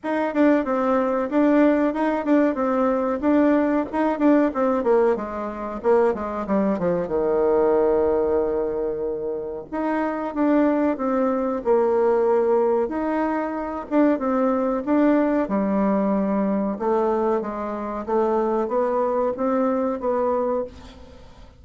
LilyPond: \new Staff \with { instrumentName = "bassoon" } { \time 4/4 \tempo 4 = 93 dis'8 d'8 c'4 d'4 dis'8 d'8 | c'4 d'4 dis'8 d'8 c'8 ais8 | gis4 ais8 gis8 g8 f8 dis4~ | dis2. dis'4 |
d'4 c'4 ais2 | dis'4. d'8 c'4 d'4 | g2 a4 gis4 | a4 b4 c'4 b4 | }